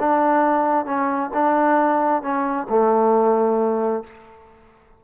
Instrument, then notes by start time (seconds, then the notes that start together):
trombone
0.00 D4
0.86 C#4
1.34 D4
2.23 C#4
2.70 A3